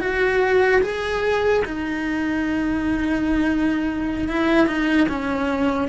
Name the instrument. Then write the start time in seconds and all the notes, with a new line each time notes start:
cello
0.00 F#4
0.81 G#4
1.65 D#4
4.28 E4
4.67 D#4
5.09 C#4